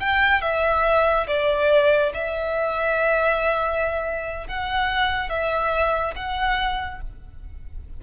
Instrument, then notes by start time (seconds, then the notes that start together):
violin
0.00 G5
0.42 E5
1.28 D5
2.14 E5
4.48 F#5
5.29 E5
6.15 F#5